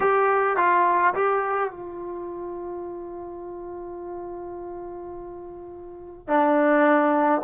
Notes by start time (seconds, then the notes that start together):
0.00 G4
0.56 F4
1.14 G4
1.71 F4
6.27 D4